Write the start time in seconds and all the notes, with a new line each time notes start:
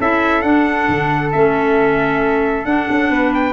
0.00 C#4 E4 A4 E5
0.42 D4 F#5
0.89 D3
1.32 A3 C#4 E5
2.65 D4 F#5
2.90 C#4
3.09 B3 B4
3.34 G5